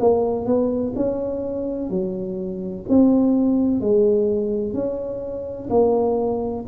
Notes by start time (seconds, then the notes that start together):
0.00 A#3
0.46 B3
0.96 C#4
1.90 F#3
2.89 C4
3.81 G#3
4.74 C#4
5.70 A#3